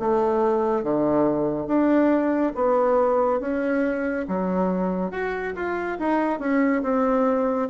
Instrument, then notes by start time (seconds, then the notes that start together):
bassoon
0.00 A3
0.84 D3
1.68 D4
2.56 B3
3.41 C#4
4.28 F#3
5.11 F#4
5.56 F4
5.99 D#4
6.40 C#4
6.83 C4